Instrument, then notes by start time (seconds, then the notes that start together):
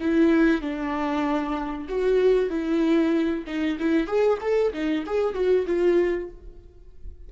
viola
0.00 E4
0.61 D4
1.88 F#4
2.49 E4
3.46 D#4
3.79 E4
4.07 G#4
4.41 A4
4.73 D#4
5.06 G#4
5.34 F#4
5.66 F4